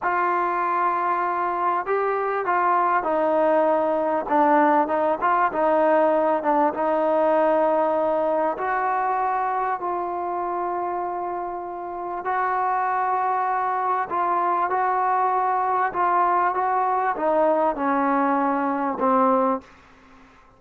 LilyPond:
\new Staff \with { instrumentName = "trombone" } { \time 4/4 \tempo 4 = 98 f'2. g'4 | f'4 dis'2 d'4 | dis'8 f'8 dis'4. d'8 dis'4~ | dis'2 fis'2 |
f'1 | fis'2. f'4 | fis'2 f'4 fis'4 | dis'4 cis'2 c'4 | }